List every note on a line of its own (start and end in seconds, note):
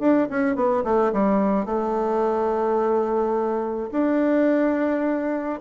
0.00 0.28 D4
0.30 0.56 C#4
0.56 0.84 B3
0.84 1.12 A3
1.13 1.66 G3
1.66 3.90 A3
3.92 5.60 D4